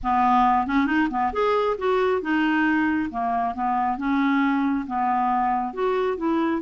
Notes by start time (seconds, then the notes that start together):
0.03 B3
0.67 C#4
0.86 D#4
1.10 B3
1.32 G#4
1.77 F#4
2.21 D#4
3.10 A#3
3.54 B3
3.97 C#4
4.86 B3
5.73 F#4
6.17 E4